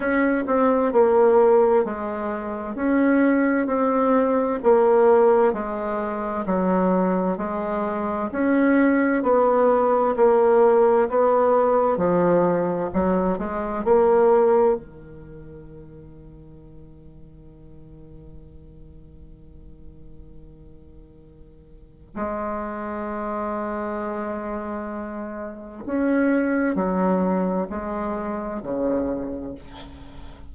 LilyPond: \new Staff \with { instrumentName = "bassoon" } { \time 4/4 \tempo 4 = 65 cis'8 c'8 ais4 gis4 cis'4 | c'4 ais4 gis4 fis4 | gis4 cis'4 b4 ais4 | b4 f4 fis8 gis8 ais4 |
dis1~ | dis1 | gis1 | cis'4 fis4 gis4 cis4 | }